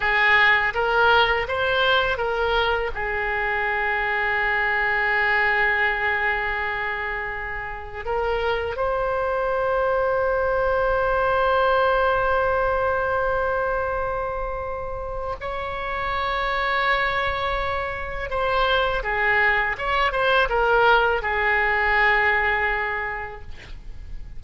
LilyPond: \new Staff \with { instrumentName = "oboe" } { \time 4/4 \tempo 4 = 82 gis'4 ais'4 c''4 ais'4 | gis'1~ | gis'2. ais'4 | c''1~ |
c''1~ | c''4 cis''2.~ | cis''4 c''4 gis'4 cis''8 c''8 | ais'4 gis'2. | }